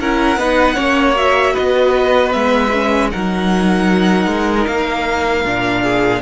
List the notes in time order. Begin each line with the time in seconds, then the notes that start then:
0.00 C#4 E4 A#4 F#5
0.37 B3 D#4 B4
0.75 A#3 C#4 C#5
1.15 F#4 E5
1.53 B3 B4 D#5
2.32 G#3 B3 E5
2.73 C#4
3.11 F#3 D#4 A#4 F#5
4.27 G#3
4.67 A#3 F5
5.44 A#2 D4
5.82 G#4